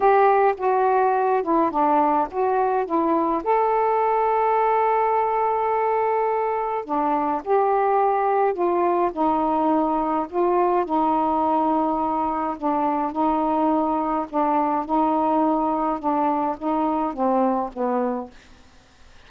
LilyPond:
\new Staff \with { instrumentName = "saxophone" } { \time 4/4 \tempo 4 = 105 g'4 fis'4. e'8 d'4 | fis'4 e'4 a'2~ | a'1 | d'4 g'2 f'4 |
dis'2 f'4 dis'4~ | dis'2 d'4 dis'4~ | dis'4 d'4 dis'2 | d'4 dis'4 c'4 b4 | }